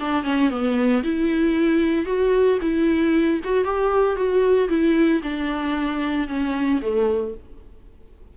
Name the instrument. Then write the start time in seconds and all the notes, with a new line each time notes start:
viola
0.00 D4
0.24 C#4
0.50 B3
1.03 E4
2.06 F#4
2.61 E4
3.44 F#4
3.64 G4
4.16 F#4
4.69 E4
5.23 D4
6.28 C#4
6.82 A3